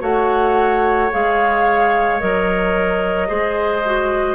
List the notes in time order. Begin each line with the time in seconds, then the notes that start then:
0.00 A3 F#4 C#5 F#5
1.12 G#3 G#4 F5
2.20 F#3 A#4 D#5
3.28 G#3 G#4 C5
3.86 F#4